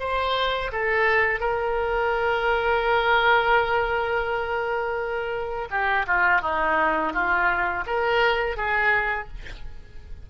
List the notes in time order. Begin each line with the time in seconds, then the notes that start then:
0.00 C5
0.72 A4
1.40 A#4
5.71 G4
6.07 F4
6.42 D#4
7.14 F4
7.87 A#4
8.57 G#4